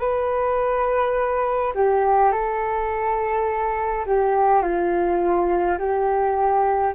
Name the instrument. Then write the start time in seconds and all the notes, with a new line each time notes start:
flute
0.00 B4
1.75 G4
2.32 A4
4.06 G4
4.63 F4
5.79 G4